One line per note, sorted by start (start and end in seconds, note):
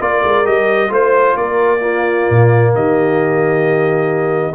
0.00 0.23 A#3
0.00 0.45 F4
0.00 0.91 A#4
0.00 0.46 D5
0.25 0.47 G#3
0.45 0.90 G3
0.45 0.89 G4
0.45 0.92 D#5
0.89 1.36 A3
0.89 1.80 F4
0.89 1.36 C5
0.89 1.37 C5
1.36 2.27 A#3
1.36 1.80 A#4
1.36 2.73 D5
1.80 4.53 A#3
1.80 2.71 F4
2.30 2.75 A#2
2.75 4.55 D#3
2.75 4.55 G4
2.75 4.55 D#5